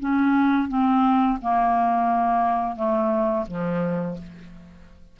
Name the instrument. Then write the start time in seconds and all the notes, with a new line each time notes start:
clarinet
0.00 C#4
0.68 C4
1.41 A#3
2.76 A3
3.48 F3